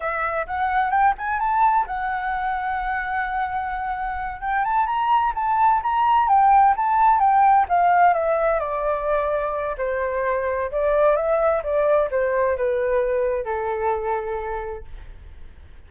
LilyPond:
\new Staff \with { instrumentName = "flute" } { \time 4/4 \tempo 4 = 129 e''4 fis''4 g''8 gis''8 a''4 | fis''1~ | fis''4. g''8 a''8 ais''4 a''8~ | a''8 ais''4 g''4 a''4 g''8~ |
g''8 f''4 e''4 d''4.~ | d''4 c''2 d''4 | e''4 d''4 c''4 b'4~ | b'4 a'2. | }